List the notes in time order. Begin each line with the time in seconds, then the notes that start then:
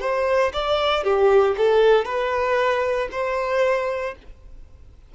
0.00 C5
0.53 D5
1.03 G4
1.57 A4
2.05 B4
3.11 C5